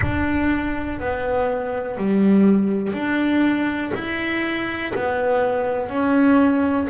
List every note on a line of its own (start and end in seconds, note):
0.01 0.99 D4
0.99 1.97 B3
1.97 2.93 G3
2.93 3.91 D4
3.94 4.92 E4
4.94 5.89 B3
5.89 6.87 C#4